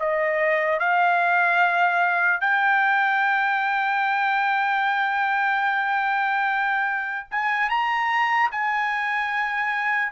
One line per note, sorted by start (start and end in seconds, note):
0.00 0.79 D#5
0.79 2.41 F5
2.41 7.27 G5
7.31 7.69 G#5
7.69 8.50 A#5
8.51 10.12 G#5